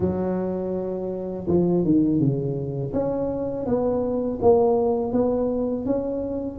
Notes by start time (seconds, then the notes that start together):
0.00 F#3
1.47 F3
1.84 D#3
2.19 C#3
2.93 C#4
3.66 B3
4.41 A#3
5.12 B3
5.85 C#4